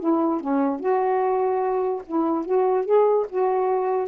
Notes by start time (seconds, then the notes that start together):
0.00 E4
0.41 C#4
0.80 F#4
2.07 E4
2.46 F#4
2.86 G#4
3.29 F#4